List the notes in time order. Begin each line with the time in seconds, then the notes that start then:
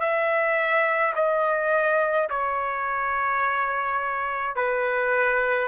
0.00 E5
1.15 D#5
2.30 C#5
4.56 B4